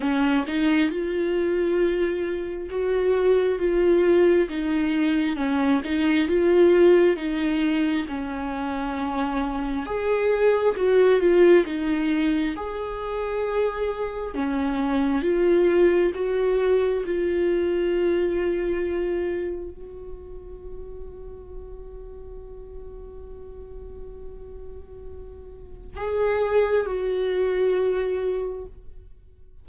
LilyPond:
\new Staff \with { instrumentName = "viola" } { \time 4/4 \tempo 4 = 67 cis'8 dis'8 f'2 fis'4 | f'4 dis'4 cis'8 dis'8 f'4 | dis'4 cis'2 gis'4 | fis'8 f'8 dis'4 gis'2 |
cis'4 f'4 fis'4 f'4~ | f'2 fis'2~ | fis'1~ | fis'4 gis'4 fis'2 | }